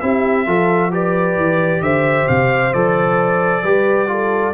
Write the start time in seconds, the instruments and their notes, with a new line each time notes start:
0.00 tuba C4, trombone E4, horn G4, trumpet E5
0.46 tuba F3, trombone F4, horn A4
0.91 trombone G4, horn B4, trumpet D5
1.37 tuba E3
1.80 tuba D3, horn C5, trumpet E5
2.28 tuba C3, trumpet F5
2.73 tuba F3, trombone A4, trumpet D5
3.63 tuba G3, trombone G4, horn B4
4.07 trombone F4, horn A4